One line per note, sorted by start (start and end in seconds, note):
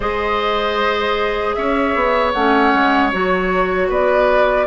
0.00 1.56 G#3
0.00 2.34 G#4
0.00 1.55 C5
0.00 1.53 D#5
1.53 1.95 C#4
1.53 3.88 C#5
1.53 2.31 E5
1.95 2.34 B3
2.32 2.73 A3
2.32 3.12 C#4
2.32 3.10 F#5
2.73 3.12 G#3
3.12 3.88 F#3
3.12 4.67 F#4
3.12 3.89 C#5
3.88 4.66 B3
3.88 4.66 B4
3.88 4.67 D5